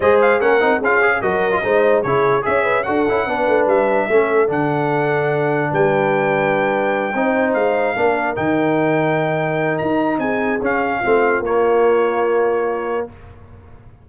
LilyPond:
<<
  \new Staff \with { instrumentName = "trumpet" } { \time 4/4 \tempo 4 = 147 dis''8 f''8 fis''4 f''4 dis''4~ | dis''4 cis''4 e''4 fis''4~ | fis''4 e''2 fis''4~ | fis''2 g''2~ |
g''2~ g''8 f''4.~ | f''8 g''2.~ g''8 | ais''4 gis''4 f''2 | cis''1 | }
  \new Staff \with { instrumentName = "horn" } { \time 4/4 c''4 ais'4 gis'4 ais'4 | c''4 gis'4 cis''8 b'8 a'4 | b'2 a'2~ | a'2 b'2~ |
b'4. c''2 ais'8~ | ais'1~ | ais'4 gis'2 f'4~ | f'1 | }
  \new Staff \with { instrumentName = "trombone" } { \time 4/4 gis'4 cis'8 dis'8 f'8 gis'8 fis'8. f'16 | dis'4 e'4 gis'4 fis'8 e'8 | d'2 cis'4 d'4~ | d'1~ |
d'4. dis'2 d'8~ | d'8 dis'2.~ dis'8~ | dis'2 cis'4 c'4 | ais1 | }
  \new Staff \with { instrumentName = "tuba" } { \time 4/4 gis4 ais8 c'8 cis'4 fis4 | gis4 cis4 cis'4 d'8 cis'8 | b8 a8 g4 a4 d4~ | d2 g2~ |
g4. c'4 gis4 ais8~ | ais8 dis2.~ dis8 | dis'4 c'4 cis'4 a4 | ais1 | }
>>